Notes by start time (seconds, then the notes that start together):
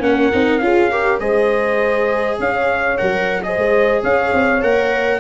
0.00 A#3 C#4 F#5
0.07 A#4
0.32 C4 D#4
0.59 C#4 F4 G#4 F5
0.91 G4 A#4
1.20 G#3 G#4 C5 D#5
2.39 C#4 C#5 F5
2.98 F#3 A#4 F#5
3.43 G#4 C5 D#5
3.57 G#3
4.03 C#4 C#5 F5
4.33 C4
4.62 A#3 A#4 F#5